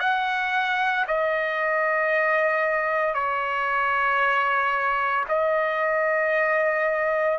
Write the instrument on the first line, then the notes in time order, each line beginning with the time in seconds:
trumpet
0.00 F#5
1.07 D#5
3.14 C#5
5.28 D#5